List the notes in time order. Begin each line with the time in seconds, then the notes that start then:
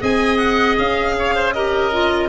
0.00 C4 G#4 D#5 G#5
0.38 F#5
0.78 C#4 F5
1.18 C#5
1.35 C5
1.53 G4 A#4 D#5
1.92 F4